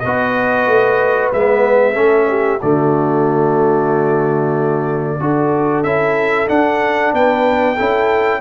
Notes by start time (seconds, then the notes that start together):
0.00 B3 F#4 B4 D#5
0.67 A3
1.33 G#3 B3 E5
1.94 A3 C#4 A4
2.30 G4
2.62 D3 A3 F#4 D5
5.20 D4 F#4 A4
5.84 C#4 E4 E5
6.48 D4 F#5
7.14 B3 B4 G5
7.76 C#4 E4 A4